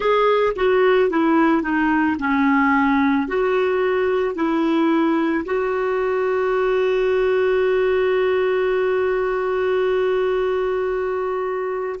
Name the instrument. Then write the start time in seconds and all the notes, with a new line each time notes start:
clarinet
0.00 G#4
0.56 F#4
1.10 E4
1.62 D#4
2.19 C#4
3.27 F#4
4.35 E4
5.45 F#4